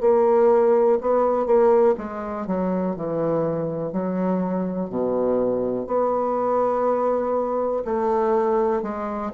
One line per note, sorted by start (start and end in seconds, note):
0.00 0.98 A#3
1.01 1.46 B3
1.46 1.95 A#3
1.98 2.47 G#3
2.47 2.96 F#3
2.96 3.93 E3
3.93 4.89 F#3
4.89 5.87 B2
5.87 7.83 B3
7.85 8.82 A3
8.82 9.31 G#3